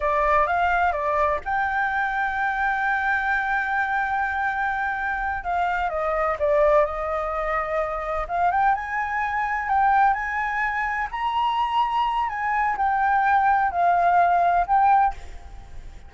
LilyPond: \new Staff \with { instrumentName = "flute" } { \time 4/4 \tempo 4 = 127 d''4 f''4 d''4 g''4~ | g''1~ | g''2.~ g''8 f''8~ | f''8 dis''4 d''4 dis''4.~ |
dis''4. f''8 g''8 gis''4.~ | gis''8 g''4 gis''2 ais''8~ | ais''2 gis''4 g''4~ | g''4 f''2 g''4 | }